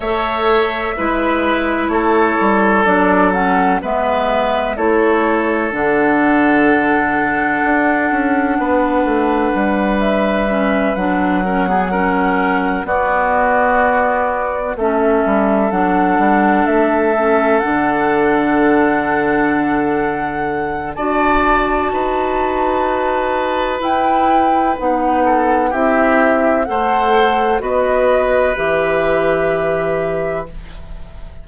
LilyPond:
<<
  \new Staff \with { instrumentName = "flute" } { \time 4/4 \tempo 4 = 63 e''2 cis''4 d''8 fis''8 | e''4 cis''4 fis''2~ | fis''2~ fis''8 e''4 fis''8~ | fis''4. d''2 e''8~ |
e''8 fis''4 e''4 fis''4.~ | fis''2 a''2~ | a''4 g''4 fis''4 e''4 | fis''4 dis''4 e''2 | }
  \new Staff \with { instrumentName = "oboe" } { \time 4/4 cis''4 b'4 a'2 | b'4 a'2.~ | a'4 b'2. | ais'16 gis'16 ais'4 fis'2 a'8~ |
a'1~ | a'2 d''4 b'4~ | b'2~ b'8 a'8 g'4 | c''4 b'2. | }
  \new Staff \with { instrumentName = "clarinet" } { \time 4/4 a'4 e'2 d'8 cis'8 | b4 e'4 d'2~ | d'2. cis'8 d'8 | cis'16 b16 cis'4 b2 cis'8~ |
cis'8 d'4. cis'8 d'4.~ | d'2 fis'2~ | fis'4 e'4 dis'4 e'4 | a'4 fis'4 g'2 | }
  \new Staff \with { instrumentName = "bassoon" } { \time 4/4 a4 gis4 a8 g8 fis4 | gis4 a4 d2 | d'8 cis'8 b8 a8 g4. fis8~ | fis4. b2 a8 |
g8 fis8 g8 a4 d4.~ | d2 d'4 dis'4~ | dis'4 e'4 b4 c'4 | a4 b4 e2 | }
>>